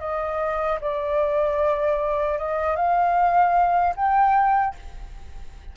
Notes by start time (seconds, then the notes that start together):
0.00 D#5
0.81 D5
2.39 D#5
2.76 F5
3.96 G5